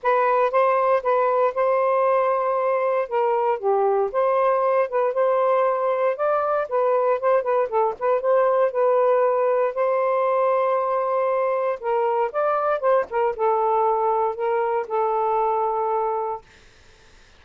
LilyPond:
\new Staff \with { instrumentName = "saxophone" } { \time 4/4 \tempo 4 = 117 b'4 c''4 b'4 c''4~ | c''2 ais'4 g'4 | c''4. b'8 c''2 | d''4 b'4 c''8 b'8 a'8 b'8 |
c''4 b'2 c''4~ | c''2. ais'4 | d''4 c''8 ais'8 a'2 | ais'4 a'2. | }